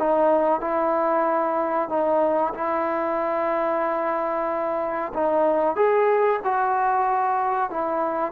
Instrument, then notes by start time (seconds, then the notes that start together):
trombone
0.00 D#4
0.61 E4
1.89 D#4
2.55 E4
5.14 D#4
5.76 G#4
6.45 F#4
7.71 E4